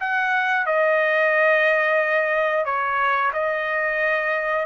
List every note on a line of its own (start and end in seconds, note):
0.00 0.66 F#5
0.66 2.65 D#5
2.65 3.32 C#5
3.33 4.66 D#5